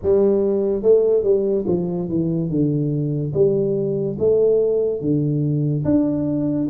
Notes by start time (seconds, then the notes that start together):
0.02 G3
0.82 A3
1.23 G3
1.67 F3
2.08 E3
2.49 D3
3.33 G3
4.19 A3
5.00 D3
5.84 D4